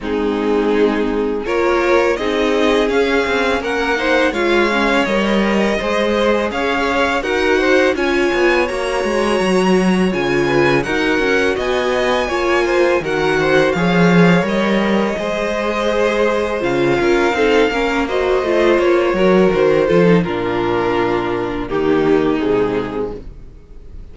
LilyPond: <<
  \new Staff \with { instrumentName = "violin" } { \time 4/4 \tempo 4 = 83 gis'2 cis''4 dis''4 | f''4 fis''4 f''4 dis''4~ | dis''4 f''4 fis''4 gis''4 | ais''2 gis''4 fis''4 |
gis''2 fis''4 f''4 | dis''2. f''4~ | f''4 dis''4 cis''4 c''4 | ais'2 g'4 gis'4 | }
  \new Staff \with { instrumentName = "violin" } { \time 4/4 dis'2 ais'4 gis'4~ | gis'4 ais'8 c''8 cis''2 | c''4 cis''4 ais'8 c''8 cis''4~ | cis''2~ cis''8 b'8 ais'4 |
dis''4 cis''8 c''8 ais'8 c''8 cis''4~ | cis''4 c''2~ c''8 ais'8 | a'8 ais'8 c''4. ais'4 a'8 | f'2 dis'2 | }
  \new Staff \with { instrumentName = "viola" } { \time 4/4 c'2 f'4 dis'4 | cis'4. dis'8 f'8 cis'8 ais'4 | gis'2 fis'4 f'4 | fis'2 f'4 fis'4~ |
fis'4 f'4 fis'4 gis'4 | ais'4 gis'2 f'4 | dis'8 cis'8 fis'8 f'4 fis'4 f'16 dis'16 | d'2 ais4 gis4 | }
  \new Staff \with { instrumentName = "cello" } { \time 4/4 gis2 ais4 c'4 | cis'8 c'8 ais4 gis4 g4 | gis4 cis'4 dis'4 cis'8 b8 | ais8 gis8 fis4 cis4 dis'8 cis'8 |
b4 ais4 dis4 f4 | g4 gis2 cis8 cis'8 | c'8 ais4 a8 ais8 fis8 dis8 f8 | ais,2 dis4 c4 | }
>>